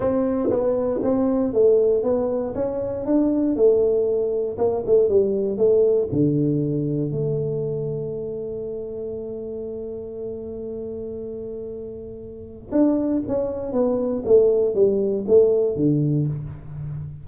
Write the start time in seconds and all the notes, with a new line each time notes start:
0.00 C4
0.49 B3
1.02 C4
1.53 A3
2.03 B3
2.54 C#4
3.05 D4
3.55 A3
4.58 A#3
4.86 A3
5.08 G3
5.57 A3
6.12 D3
7.11 A3
12.71 D4
13.27 C#4
13.72 B3
14.25 A3
14.74 G3
15.27 A3
15.76 D3